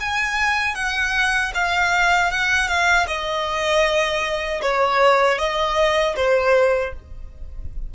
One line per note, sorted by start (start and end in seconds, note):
0.00 0.75 G#5
0.75 1.52 F#5
1.55 2.31 F5
2.31 2.68 F#5
2.68 3.07 F5
3.07 4.61 D#5
4.62 5.38 C#5
5.38 6.15 D#5
6.16 6.93 C5